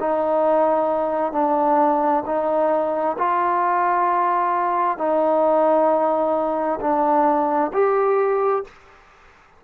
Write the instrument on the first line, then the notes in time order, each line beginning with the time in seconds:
trombone
0.00 D#4
1.33 D4
2.26 D#4
3.19 F4
4.98 D#4
6.81 D4
7.74 G4